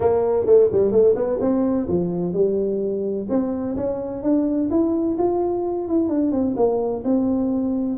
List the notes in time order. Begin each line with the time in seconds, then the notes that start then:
0.00 A#3
0.45 A3
0.72 G3
0.91 A3
1.15 B3
1.40 C4
1.88 F3
2.33 G3
3.29 C4
3.76 C#4
4.22 D4
4.70 E4
5.18 F4
5.87 E4
6.08 D4
6.31 C4
6.56 A#3
7.04 C4